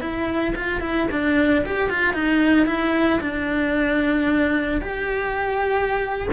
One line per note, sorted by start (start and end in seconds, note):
0.00 0.54 E4
0.55 0.81 F4
0.81 1.07 E4
1.11 1.64 D4
1.65 1.89 G4
1.89 2.13 F4
2.13 2.66 D#4
2.66 3.19 E4
3.20 4.81 D4
4.81 6.28 G4